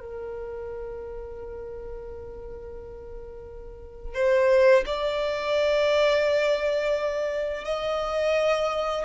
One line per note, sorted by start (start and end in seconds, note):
0.00 4.14 A#4
4.14 4.84 C5
4.86 7.65 D5
7.65 9.04 D#5